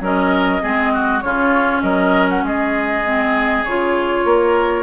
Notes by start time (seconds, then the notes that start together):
0.00 F#3 C#4 A#4 D#5
0.61 G#3 C4 G#4
0.93 F#4
1.20 C#3 C#4 F4 C#5
1.82 F#3 A#4 D#5
2.29 F#5
2.42 G#3 G#4 D#5
3.04 C4
3.64 C#3 F4 C#5
4.24 A#3 A#4